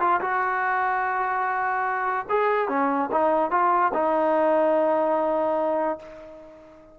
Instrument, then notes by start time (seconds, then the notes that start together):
trombone
0.00 F4
0.21 F#4
2.29 G#4
2.69 C#4
3.12 D#4
3.51 F4
3.94 D#4